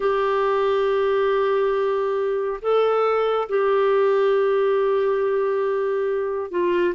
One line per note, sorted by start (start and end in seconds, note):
0.00 2.60 G4
2.61 3.48 A4
3.49 6.51 G4
6.51 6.94 F4